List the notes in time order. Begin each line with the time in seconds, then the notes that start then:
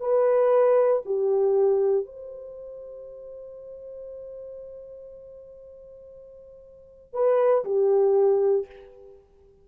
0.00 B4
1.05 G4
2.05 C5
7.13 B4
7.64 G4